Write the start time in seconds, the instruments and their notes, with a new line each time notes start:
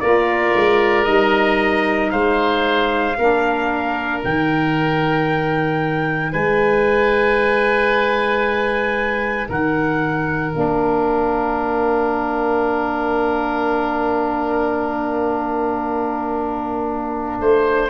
0.00 tuba A#3, saxophone F4, oboe A#4, trumpet D5
0.55 tuba G#3
1.04 tuba G3, saxophone D#4, trumpet D#5
2.10 tuba G#3, oboe C5, trumpet F5
3.18 tuba A#3, saxophone D4, oboe A#4
4.24 tuba D#3, saxophone D#4, trumpet G5
6.32 tuba G#3, oboe B4, trumpet G#5
9.48 tuba D#3, oboe A#4, trumpet F#5
10.52 tuba A#3, saxophone D4, trumpet F5
17.40 tuba A3, oboe C5